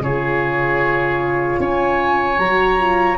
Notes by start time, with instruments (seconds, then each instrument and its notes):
0.00 tuba C#3, horn F4, oboe G#4, flute C#5
1.59 tuba C#4, oboe C#5, flute G#5
2.38 tuba F#3, horn F#4, flute A#5
2.78 horn F4